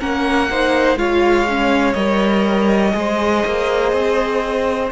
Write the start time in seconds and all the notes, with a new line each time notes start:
0.00 A#3 C#4 A#4 F#5
0.50 D#4 C5
0.96 G#3 F4 C#5 F5
1.49 C#4
1.93 G3 A#4 D#5
2.91 G#3 G#4
2.98 C5
3.46 A#3
3.93 C4